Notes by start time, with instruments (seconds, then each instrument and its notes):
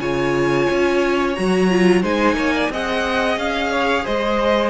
0.00 cello C#3, viola F4, violin C#5 G#5
0.70 cello C#4
1.35 cello F#3, viola F#4, violin A#5
1.70 viola F4
2.02 cello G#3, viola D#4, violin C5 G#5
2.34 cello A#3, violin C#5
2.55 violin D5
2.70 cello C4, viola G#4, violin D#5 F#5
3.37 cello C#4, violin F5
3.72 violin C#5
4.05 cello G#3, violin C5 D#5